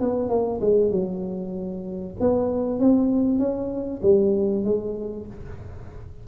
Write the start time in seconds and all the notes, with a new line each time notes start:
0.00 B3
0.29 A#3
0.60 G#3
0.91 F#3
2.20 B3
2.79 C4
3.39 C#4
4.02 G3
4.64 G#3